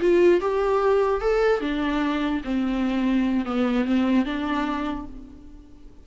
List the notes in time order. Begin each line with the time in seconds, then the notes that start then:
0.00 F4
0.41 G4
1.21 A4
1.61 D4
2.44 C4
3.45 B3
3.85 C4
4.25 D4